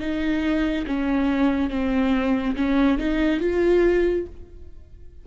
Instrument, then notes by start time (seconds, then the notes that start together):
viola
0.00 D#4
0.87 C#4
1.70 C4
2.56 C#4
2.98 D#4
3.41 F4